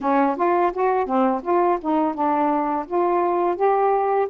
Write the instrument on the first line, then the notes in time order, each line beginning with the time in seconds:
saxophone
0.00 C#4
0.36 F4
0.72 F#4
1.06 C4
1.43 F4
1.81 D#4
2.14 D4
2.86 F4
3.56 G4